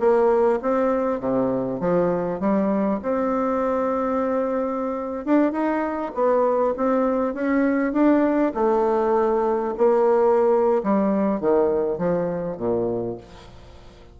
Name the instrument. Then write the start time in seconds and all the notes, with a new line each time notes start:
bassoon
0.00 A#3
0.62 C4
1.21 C3
1.80 F3
2.41 G3
3.03 C4
5.26 D4
5.53 D#4
6.15 B3
6.77 C4
7.34 C#4
7.93 D4
8.55 A3
9.78 A#3
10.84 G3
11.41 D#3
11.99 F3
12.58 A#2